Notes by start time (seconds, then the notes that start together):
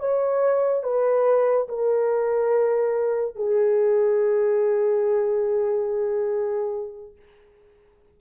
0.00 C#5
0.84 B4
1.69 A#4
3.36 G#4